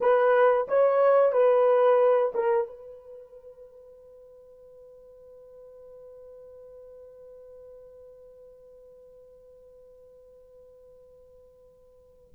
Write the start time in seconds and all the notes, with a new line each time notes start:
0.00 B4
0.68 C#5
1.32 B4
2.34 A#4
2.67 B4